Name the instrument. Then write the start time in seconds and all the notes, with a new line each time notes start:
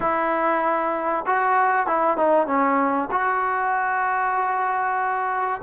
trombone
0.00 E4
1.26 F#4
1.86 E4
2.17 D#4
2.46 C#4
3.11 F#4